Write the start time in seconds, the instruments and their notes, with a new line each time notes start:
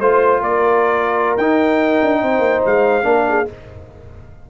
0.00 tuba A3, trombone F4, horn C5, trumpet C5
0.42 tuba A#3, horn A#4, trumpet D5
1.37 tuba D#4, trombone D#4, trumpet G5
2.02 tuba D4
2.21 tuba C4, horn C5
2.39 tuba A#3
2.66 tuba G#3, trumpet F5
3.03 tuba A#3, trombone D4, horn A#4
3.29 horn G#4